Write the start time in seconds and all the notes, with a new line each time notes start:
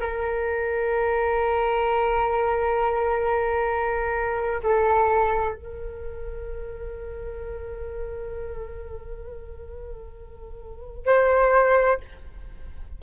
0.00 A#4
4.63 A4
5.55 A#4
11.06 C5